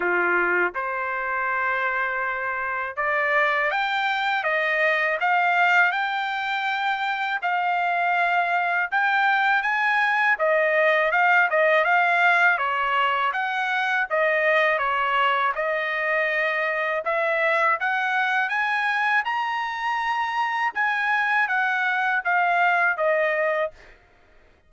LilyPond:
\new Staff \with { instrumentName = "trumpet" } { \time 4/4 \tempo 4 = 81 f'4 c''2. | d''4 g''4 dis''4 f''4 | g''2 f''2 | g''4 gis''4 dis''4 f''8 dis''8 |
f''4 cis''4 fis''4 dis''4 | cis''4 dis''2 e''4 | fis''4 gis''4 ais''2 | gis''4 fis''4 f''4 dis''4 | }